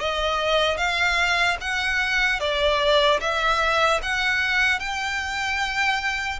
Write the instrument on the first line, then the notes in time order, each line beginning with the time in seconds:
violin
0.00 D#5
0.77 F5
1.61 F#5
2.40 D5
3.20 E5
4.03 F#5
4.80 G5